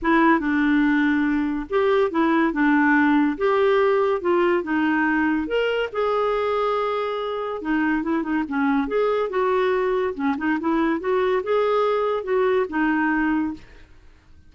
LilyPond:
\new Staff \with { instrumentName = "clarinet" } { \time 4/4 \tempo 4 = 142 e'4 d'2. | g'4 e'4 d'2 | g'2 f'4 dis'4~ | dis'4 ais'4 gis'2~ |
gis'2 dis'4 e'8 dis'8 | cis'4 gis'4 fis'2 | cis'8 dis'8 e'4 fis'4 gis'4~ | gis'4 fis'4 dis'2 | }